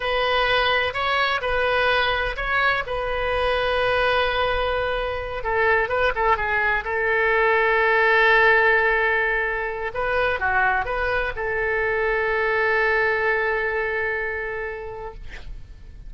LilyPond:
\new Staff \with { instrumentName = "oboe" } { \time 4/4 \tempo 4 = 127 b'2 cis''4 b'4~ | b'4 cis''4 b'2~ | b'2.~ b'8 a'8~ | a'8 b'8 a'8 gis'4 a'4.~ |
a'1~ | a'4 b'4 fis'4 b'4 | a'1~ | a'1 | }